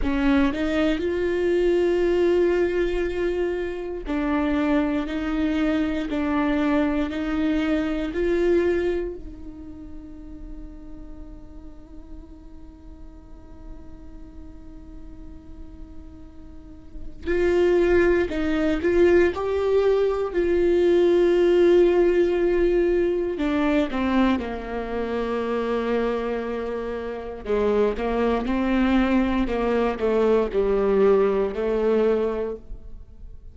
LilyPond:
\new Staff \with { instrumentName = "viola" } { \time 4/4 \tempo 4 = 59 cis'8 dis'8 f'2. | d'4 dis'4 d'4 dis'4 | f'4 dis'2.~ | dis'1~ |
dis'4 f'4 dis'8 f'8 g'4 | f'2. d'8 c'8 | ais2. gis8 ais8 | c'4 ais8 a8 g4 a4 | }